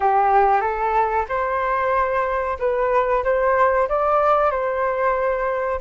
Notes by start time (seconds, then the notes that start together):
0.00 G4
0.60 A4
1.28 C5
2.59 B4
3.24 C5
3.89 D5
4.50 C5